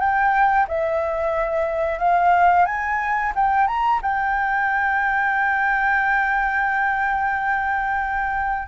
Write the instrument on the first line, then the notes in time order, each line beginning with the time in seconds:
flute
0.00 G5
0.68 E5
1.99 F5
2.66 G#5
3.35 G5
3.67 A#5
4.02 G5